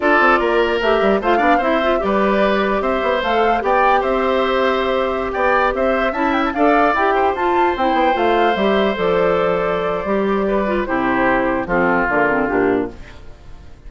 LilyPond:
<<
  \new Staff \with { instrumentName = "flute" } { \time 4/4 \tempo 4 = 149 d''2 e''4 f''4 | e''4 d''2 e''4 | f''4 g''4 e''2~ | e''4~ e''16 g''4 e''4 a''8 g''16 |
a''16 f''4 g''4 a''4 g''8.~ | g''16 f''4 e''4 d''4.~ d''16~ | d''2. c''4~ | c''4 a'4 ais'4 g'4 | }
  \new Staff \with { instrumentName = "oboe" } { \time 4/4 a'4 ais'2 c''8 d''8 | c''4 b'2 c''4~ | c''4 d''4 c''2~ | c''4~ c''16 d''4 c''4 e''8.~ |
e''16 d''4. c''2~ c''16~ | c''1~ | c''2 b'4 g'4~ | g'4 f'2. | }
  \new Staff \with { instrumentName = "clarinet" } { \time 4/4 f'2 g'4 f'8 d'8 | e'8 f'8 g'2. | a'4 g'2.~ | g'2.~ g'16 e'8.~ |
e'16 a'4 g'4 f'4 e'8.~ | e'16 f'4 g'4 a'4.~ a'16~ | a'4 g'4. f'8 e'4~ | e'4 c'4 ais8 c'8 d'4 | }
  \new Staff \with { instrumentName = "bassoon" } { \time 4/4 d'8 c'8 ais4 a8 g8 a8 b8 | c'4 g2 c'8 b8 | a4 b4 c'2~ | c'4~ c'16 b4 c'4 cis'8.~ |
cis'16 d'4 e'4 f'4 c'8 b16~ | b16 a4 g4 f4.~ f16~ | f4 g2 c4~ | c4 f4 d4 ais,4 | }
>>